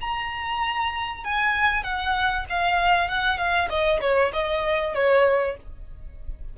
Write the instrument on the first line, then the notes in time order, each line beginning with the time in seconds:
violin
0.00 A#5
1.24 G#5
1.83 F#5
2.49 F5
3.08 F#5
3.37 F5
3.69 D#5
4.00 C#5
4.33 D#5
4.94 C#5